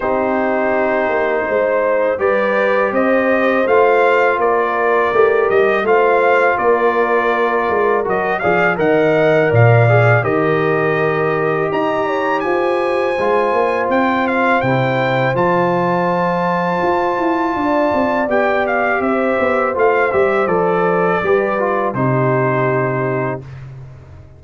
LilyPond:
<<
  \new Staff \with { instrumentName = "trumpet" } { \time 4/4 \tempo 4 = 82 c''2. d''4 | dis''4 f''4 d''4. dis''8 | f''4 d''2 dis''8 f''8 | fis''4 f''4 dis''2 |
ais''4 gis''2 g''8 f''8 | g''4 a''2.~ | a''4 g''8 f''8 e''4 f''8 e''8 | d''2 c''2 | }
  \new Staff \with { instrumentName = "horn" } { \time 4/4 g'2 c''4 b'4 | c''2 ais'2 | c''4 ais'2~ ais'8 d''8 | dis''4 d''4 ais'2 |
dis''8 cis''8 c''2.~ | c''1 | d''2 c''2~ | c''4 b'4 g'2 | }
  \new Staff \with { instrumentName = "trombone" } { \time 4/4 dis'2. g'4~ | g'4 f'2 g'4 | f'2. fis'8 gis'8 | ais'4. gis'8 g'2~ |
g'2 f'2 | e'4 f'2.~ | f'4 g'2 f'8 g'8 | a'4 g'8 f'8 dis'2 | }
  \new Staff \with { instrumentName = "tuba" } { \time 4/4 c'4. ais8 gis4 g4 | c'4 a4 ais4 a8 g8 | a4 ais4. gis8 fis8 f8 | dis4 ais,4 dis2 |
dis'4 f'4 gis8 ais8 c'4 | c4 f2 f'8 e'8 | d'8 c'8 b4 c'8 b8 a8 g8 | f4 g4 c2 | }
>>